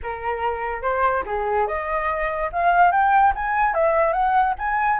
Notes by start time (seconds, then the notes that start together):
0.02 A#4
0.82 C5
1.25 G#4
1.67 D#5
2.52 F5
2.91 G5
3.35 G#5
3.73 E5
4.12 F#5
4.58 G#5